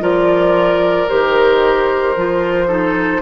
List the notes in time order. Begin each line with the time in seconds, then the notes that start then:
0.00 F3 F4 A#4 D5
1.08 D#3 G4 C5
2.17 F3 F4
2.67 D#4 A4